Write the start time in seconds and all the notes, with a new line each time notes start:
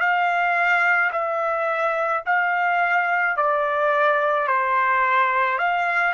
0.00 F5
1.12 E5
2.26 F5
3.37 D5
4.47 C5
5.58 F5